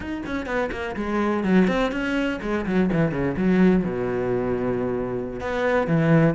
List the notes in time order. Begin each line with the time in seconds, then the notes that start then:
0.00 D#4
0.26 C#4
0.46 B3
0.71 A#3
0.96 G#3
1.43 F#3
1.67 C4
1.91 C#4
2.41 G#3
2.65 F#3
2.92 E3
3.11 C#3
3.37 F#3
3.84 B2
5.40 B3
5.87 E3